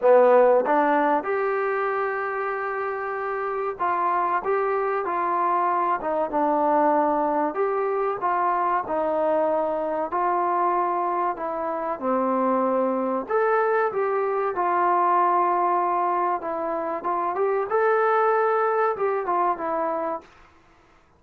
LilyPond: \new Staff \with { instrumentName = "trombone" } { \time 4/4 \tempo 4 = 95 b4 d'4 g'2~ | g'2 f'4 g'4 | f'4. dis'8 d'2 | g'4 f'4 dis'2 |
f'2 e'4 c'4~ | c'4 a'4 g'4 f'4~ | f'2 e'4 f'8 g'8 | a'2 g'8 f'8 e'4 | }